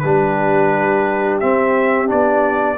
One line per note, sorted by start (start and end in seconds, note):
0.00 1.43 G3
0.00 1.42 D4
0.00 2.78 G4
0.00 1.38 B4
1.40 2.07 C4
1.40 2.12 C4
1.40 2.09 E5
2.07 2.79 B3
2.07 2.76 D4
2.07 2.79 D5